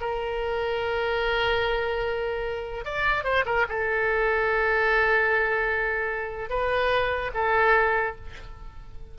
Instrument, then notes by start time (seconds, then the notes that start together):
oboe
0.00 A#4
2.85 D5
3.24 C5
3.45 A#4
3.68 A4
6.50 B4
7.34 A4